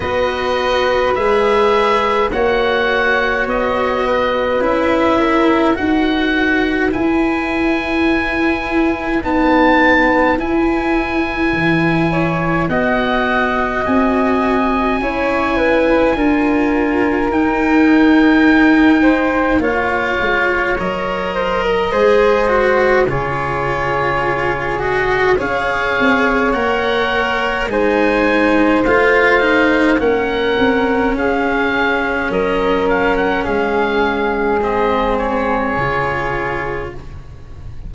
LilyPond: <<
  \new Staff \with { instrumentName = "oboe" } { \time 4/4 \tempo 4 = 52 dis''4 e''4 fis''4 dis''4 | e''4 fis''4 gis''2 | a''4 gis''2 fis''4 | gis''2. g''4~ |
g''4 f''4 dis''2 | cis''4. dis''8 f''4 fis''4 | gis''4 f''4 fis''4 f''4 | dis''8 f''16 fis''16 f''4 dis''8 cis''4. | }
  \new Staff \with { instrumentName = "flute" } { \time 4/4 b'2 cis''4. b'8~ | b'8 ais'8 b'2.~ | b'2~ b'8 cis''8 dis''4~ | dis''4 cis''8 b'8 ais'2~ |
ais'8 c''8 cis''4. c''16 ais'16 c''4 | gis'2 cis''2 | c''2 ais'4 gis'4 | ais'4 gis'2. | }
  \new Staff \with { instrumentName = "cello" } { \time 4/4 fis'4 gis'4 fis'2 | e'4 fis'4 e'2 | b4 e'2 fis'4~ | fis'4 e'4 f'4 dis'4~ |
dis'4 f'4 ais'4 gis'8 fis'8 | f'4. fis'8 gis'4 ais'4 | dis'4 f'8 dis'8 cis'2~ | cis'2 c'4 f'4 | }
  \new Staff \with { instrumentName = "tuba" } { \time 4/4 b4 gis4 ais4 b4 | cis'4 dis'4 e'2 | dis'4 e'4 e4 b4 | c'4 cis'4 d'4 dis'4~ |
dis'4 ais8 gis8 fis4 gis4 | cis2 cis'8 c'8 ais4 | gis4 a4 ais8 c'8 cis'4 | fis4 gis2 cis4 | }
>>